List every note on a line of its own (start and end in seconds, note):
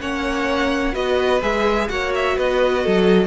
0.00 0.94 A#3
0.00 0.93 C#4
0.00 0.94 C#5
0.00 0.95 F#5
0.93 1.42 B3
0.93 1.41 F#4
0.93 1.88 B4
0.93 1.42 D#5
1.42 1.90 G#3
1.42 1.89 G#4
1.42 1.89 E5
1.89 2.37 A#3
1.89 3.27 F#4
1.89 2.37 C#5
1.89 2.13 F#5
2.15 2.38 E5
2.37 2.86 B3
2.37 2.84 B4
2.37 3.27 D#5
2.84 3.27 F#3
2.84 3.27 A4